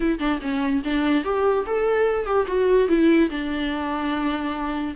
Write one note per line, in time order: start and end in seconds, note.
0.00 0.19 E4
0.19 0.39 D4
0.41 0.82 C#4
0.84 1.24 D4
1.24 1.65 G4
1.66 2.25 A4
2.25 2.46 G4
2.47 2.88 F#4
2.88 3.29 E4
3.30 4.94 D4